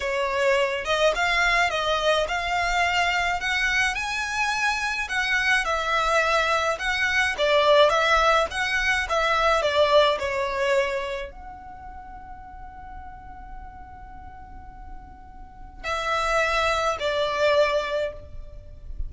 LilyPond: \new Staff \with { instrumentName = "violin" } { \time 4/4 \tempo 4 = 106 cis''4. dis''8 f''4 dis''4 | f''2 fis''4 gis''4~ | gis''4 fis''4 e''2 | fis''4 d''4 e''4 fis''4 |
e''4 d''4 cis''2 | fis''1~ | fis''1 | e''2 d''2 | }